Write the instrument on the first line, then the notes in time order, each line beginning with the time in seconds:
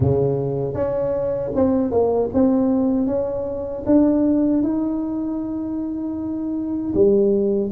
tuba
0.00 C#3
0.73 C#4
1.55 C4
1.91 A#3
2.33 C4
3.06 C#4
3.86 D4
4.63 D#4
6.94 G3